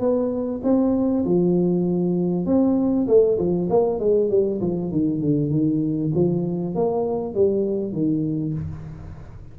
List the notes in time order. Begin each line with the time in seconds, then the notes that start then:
0.00 B3
0.63 C4
1.26 F3
2.46 C4
3.08 A3
3.38 F3
3.70 A#3
4.00 G#3
4.30 G3
4.61 F3
4.91 D#3
5.21 D3
5.51 D#3
6.15 F3
6.75 A#3
7.35 G3
7.93 D#3